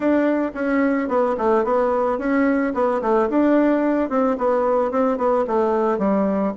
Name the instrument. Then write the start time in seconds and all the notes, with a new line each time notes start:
bassoon
0.00 D4
0.54 C#4
1.08 B3
1.37 A3
1.64 B3
2.18 C#4
2.73 B3
3.01 A3
3.29 D4
4.09 C4
4.38 B3
4.91 C4
5.17 B3
5.47 A3
5.98 G3